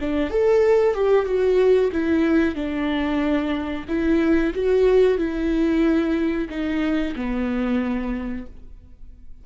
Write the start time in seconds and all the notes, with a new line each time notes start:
0.00 D4
0.30 A4
0.94 G4
1.25 F#4
1.92 E4
2.55 D4
3.88 E4
4.54 F#4
5.17 E4
6.49 D#4
7.15 B3